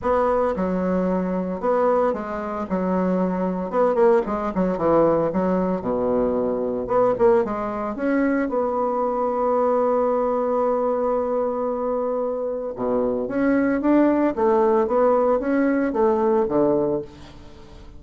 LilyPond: \new Staff \with { instrumentName = "bassoon" } { \time 4/4 \tempo 4 = 113 b4 fis2 b4 | gis4 fis2 b8 ais8 | gis8 fis8 e4 fis4 b,4~ | b,4 b8 ais8 gis4 cis'4 |
b1~ | b1 | b,4 cis'4 d'4 a4 | b4 cis'4 a4 d4 | }